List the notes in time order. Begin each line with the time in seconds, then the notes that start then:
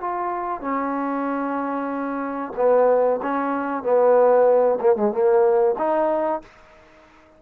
0.00 F4
0.61 C#4
2.56 B3
3.22 C#4
3.83 B3
4.80 A#3
4.96 G#3
5.12 A#3
5.78 D#4